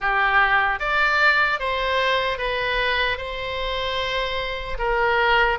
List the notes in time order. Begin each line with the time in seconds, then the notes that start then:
0.00 G4
0.79 D5
1.59 C5
2.37 B4
3.17 C5
4.78 A#4